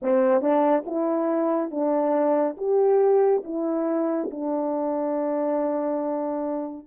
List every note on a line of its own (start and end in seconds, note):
0.02 0.41 C4
0.41 0.84 D4
0.86 1.70 E4
1.70 2.56 D4
2.57 3.42 G4
3.44 4.29 E4
4.31 6.87 D4